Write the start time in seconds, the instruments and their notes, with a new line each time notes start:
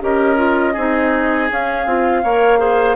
0.00 bassoon C#4, clarinet G4, oboe A#4, flute D#5
0.36 clarinet F4
0.73 bassoon C4, clarinet D#4, oboe G#4
1.49 clarinet C#4, bassoon C#4, flute F5
1.85 bassoon C4, clarinet F4
2.23 bassoon A#3, clarinet A#4, oboe C#5
2.58 clarinet G#4, oboe C5